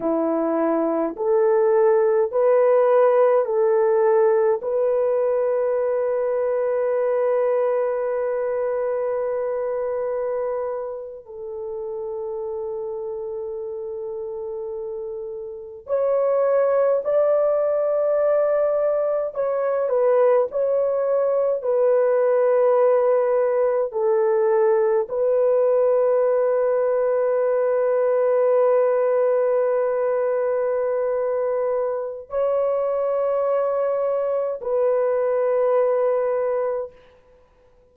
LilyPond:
\new Staff \with { instrumentName = "horn" } { \time 4/4 \tempo 4 = 52 e'4 a'4 b'4 a'4 | b'1~ | b'4.~ b'16 a'2~ a'16~ | a'4.~ a'16 cis''4 d''4~ d''16~ |
d''8. cis''8 b'8 cis''4 b'4~ b'16~ | b'8. a'4 b'2~ b'16~ | b'1 | cis''2 b'2 | }